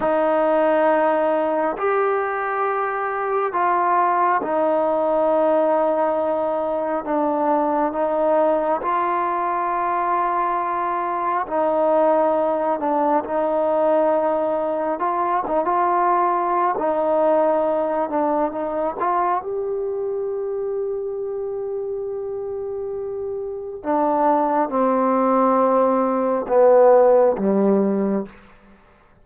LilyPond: \new Staff \with { instrumentName = "trombone" } { \time 4/4 \tempo 4 = 68 dis'2 g'2 | f'4 dis'2. | d'4 dis'4 f'2~ | f'4 dis'4. d'8 dis'4~ |
dis'4 f'8 dis'16 f'4~ f'16 dis'4~ | dis'8 d'8 dis'8 f'8 g'2~ | g'2. d'4 | c'2 b4 g4 | }